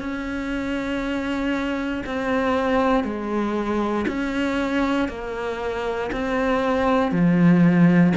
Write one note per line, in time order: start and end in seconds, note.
0.00 2.03 C#4
2.06 3.05 C4
3.05 4.06 G#3
4.08 5.09 C#4
5.09 6.11 A#3
6.12 7.12 C4
7.12 8.14 F3